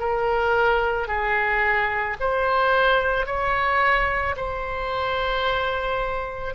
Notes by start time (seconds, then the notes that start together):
0.00 A#4
1.08 G#4
2.21 C5
3.26 C#5
4.37 C5